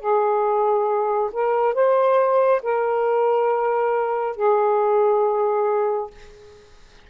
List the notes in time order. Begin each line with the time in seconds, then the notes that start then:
0.00 G#4
1.33 A#4
1.75 C5
2.63 A#4
4.36 G#4